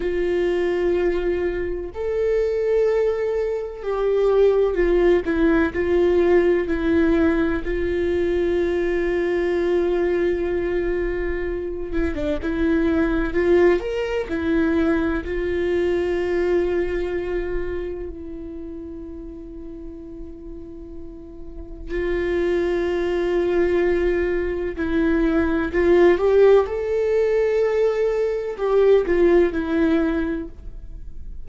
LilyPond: \new Staff \with { instrumentName = "viola" } { \time 4/4 \tempo 4 = 63 f'2 a'2 | g'4 f'8 e'8 f'4 e'4 | f'1~ | f'8 e'16 d'16 e'4 f'8 ais'8 e'4 |
f'2. e'4~ | e'2. f'4~ | f'2 e'4 f'8 g'8 | a'2 g'8 f'8 e'4 | }